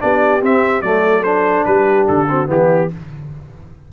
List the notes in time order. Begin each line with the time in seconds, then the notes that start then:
0.00 B3 D4 G4 D5
0.42 C4 E5
0.82 F#3 A3 A4 D5
1.23 D4 C5
1.65 G3 G4 B4
2.08 D3 A4
2.29 C4 F#4
2.47 E3 B3 E4 G4